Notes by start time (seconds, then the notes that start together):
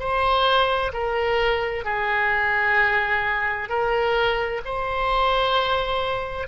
0.00 C5
0.94 A#4
1.85 G#4
3.69 A#4
4.66 C5